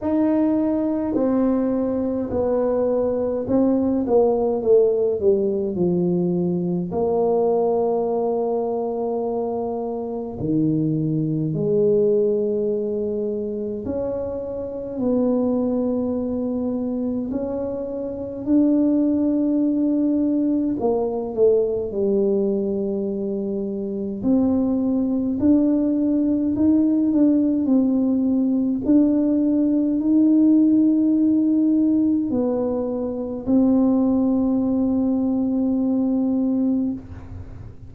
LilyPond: \new Staff \with { instrumentName = "tuba" } { \time 4/4 \tempo 4 = 52 dis'4 c'4 b4 c'8 ais8 | a8 g8 f4 ais2~ | ais4 dis4 gis2 | cis'4 b2 cis'4 |
d'2 ais8 a8 g4~ | g4 c'4 d'4 dis'8 d'8 | c'4 d'4 dis'2 | b4 c'2. | }